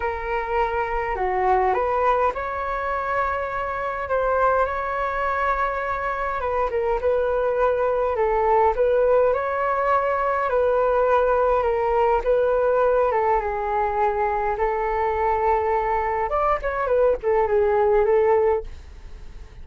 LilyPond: \new Staff \with { instrumentName = "flute" } { \time 4/4 \tempo 4 = 103 ais'2 fis'4 b'4 | cis''2. c''4 | cis''2. b'8 ais'8 | b'2 a'4 b'4 |
cis''2 b'2 | ais'4 b'4. a'8 gis'4~ | gis'4 a'2. | d''8 cis''8 b'8 a'8 gis'4 a'4 | }